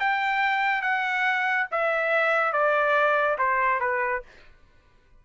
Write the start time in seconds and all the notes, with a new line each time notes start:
0.00 G5
0.82 F#5
1.72 E5
2.53 D5
3.39 C5
3.80 B4